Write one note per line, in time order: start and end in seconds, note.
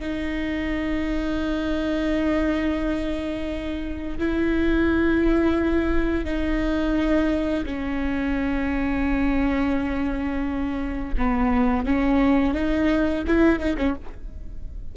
0.00 4.19 D#4
4.19 6.25 E4
6.25 7.65 D#4
7.66 11.15 C#4
11.18 11.86 B3
11.86 12.55 C#4
12.55 13.24 D#4
13.28 13.60 E4
13.60 13.77 D#4
13.78 13.95 C#4